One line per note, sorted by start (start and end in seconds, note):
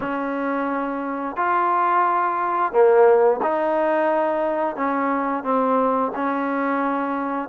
0.00 1.36 C#4
1.36 2.72 F4
2.72 3.40 A#3
3.42 4.76 D#4
4.76 5.43 C#4
5.43 6.11 C4
6.15 7.48 C#4